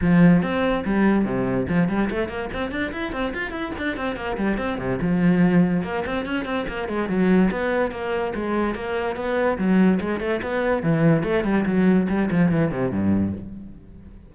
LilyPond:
\new Staff \with { instrumentName = "cello" } { \time 4/4 \tempo 4 = 144 f4 c'4 g4 c4 | f8 g8 a8 ais8 c'8 d'8 e'8 c'8 | f'8 e'8 d'8 c'8 ais8 g8 c'8 c8 | f2 ais8 c'8 cis'8 c'8 |
ais8 gis8 fis4 b4 ais4 | gis4 ais4 b4 fis4 | gis8 a8 b4 e4 a8 g8 | fis4 g8 f8 e8 c8 g,4 | }